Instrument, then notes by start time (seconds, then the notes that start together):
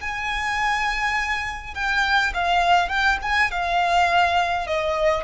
violin
0.00 G#5
1.74 G5
2.34 F5
2.88 G5
3.22 G#5
3.51 F5
4.66 D#5